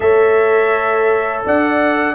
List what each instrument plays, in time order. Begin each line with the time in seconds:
0.00 tuba A3, trombone A4, horn C#5, trumpet E5
1.46 tuba D4, horn D5, trumpet F#5